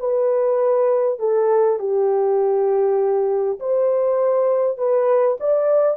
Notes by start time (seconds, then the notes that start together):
0.00 B4
1.19 A4
1.79 G4
3.60 C5
4.78 B4
5.40 D5